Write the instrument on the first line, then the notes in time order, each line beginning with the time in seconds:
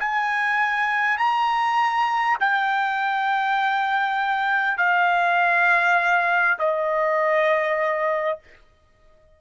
trumpet
0.00 G#5
1.18 A#5
2.41 G5
4.78 F5
6.59 D#5